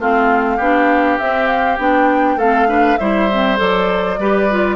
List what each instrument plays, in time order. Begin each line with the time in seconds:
0.00 bassoon A3, clarinet C4, oboe F4, flute F5
0.57 bassoon B3, clarinet D4, oboe G4
1.19 clarinet C4, bassoon C4, flute E5
1.48 flute F5
1.79 bassoon B3, clarinet D4, flute G5
2.37 bassoon A3, clarinet C4, oboe A4, flute F5
2.68 clarinet D4, oboe B4
2.98 bassoon G3, clarinet E4, oboe C5, flute E5
3.32 clarinet C4
3.58 bassoon F#3, clarinet A4, flute D5
4.19 bassoon G3, clarinet G4, oboe B4
4.51 clarinet F4